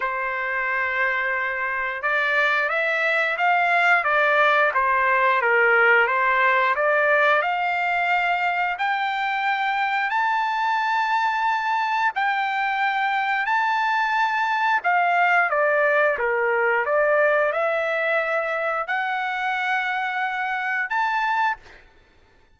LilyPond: \new Staff \with { instrumentName = "trumpet" } { \time 4/4 \tempo 4 = 89 c''2. d''4 | e''4 f''4 d''4 c''4 | ais'4 c''4 d''4 f''4~ | f''4 g''2 a''4~ |
a''2 g''2 | a''2 f''4 d''4 | ais'4 d''4 e''2 | fis''2. a''4 | }